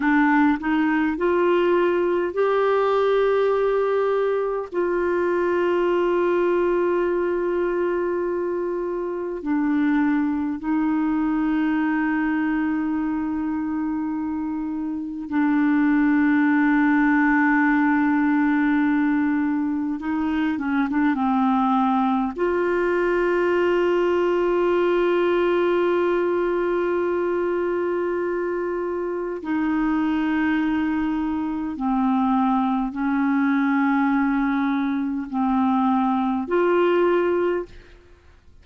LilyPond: \new Staff \with { instrumentName = "clarinet" } { \time 4/4 \tempo 4 = 51 d'8 dis'8 f'4 g'2 | f'1 | d'4 dis'2.~ | dis'4 d'2.~ |
d'4 dis'8 cis'16 d'16 c'4 f'4~ | f'1~ | f'4 dis'2 c'4 | cis'2 c'4 f'4 | }